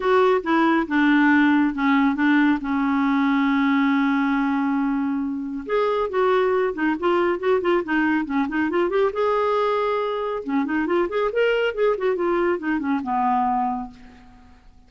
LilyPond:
\new Staff \with { instrumentName = "clarinet" } { \time 4/4 \tempo 4 = 138 fis'4 e'4 d'2 | cis'4 d'4 cis'2~ | cis'1~ | cis'4 gis'4 fis'4. dis'8 |
f'4 fis'8 f'8 dis'4 cis'8 dis'8 | f'8 g'8 gis'2. | cis'8 dis'8 f'8 gis'8 ais'4 gis'8 fis'8 | f'4 dis'8 cis'8 b2 | }